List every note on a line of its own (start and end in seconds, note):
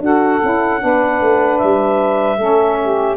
0.00 0.39 D4
0.00 0.40 F#4
0.00 0.81 A4
0.00 1.58 F#5
0.42 0.83 C#4
0.42 0.79 E4
0.79 1.21 B3
0.79 2.37 D4
0.79 2.38 B4
1.21 1.60 A3
1.58 2.37 G3
1.58 3.16 E5
2.37 3.16 A3
2.37 3.17 C#4
2.37 2.77 A4
2.81 3.17 G4